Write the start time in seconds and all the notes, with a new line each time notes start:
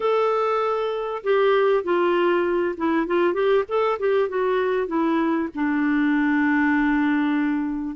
0.00 A4
1.23 G4
1.83 F4
2.77 E4
3.06 F4
3.33 G4
3.68 A4
3.99 G4
4.29 F#4
4.87 E4
5.54 D4